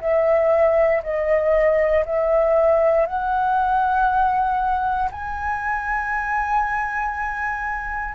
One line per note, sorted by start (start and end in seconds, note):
0.00 1.02 E5
1.03 2.04 D#5
2.05 3.06 E5
3.06 5.09 F#5
5.11 8.14 G#5